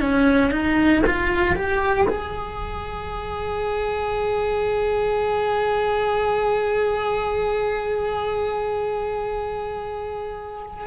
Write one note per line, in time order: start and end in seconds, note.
0.00 0.51 C#4
0.51 1.03 D#4
1.06 1.56 F4
1.56 2.07 G4
2.08 10.87 G#4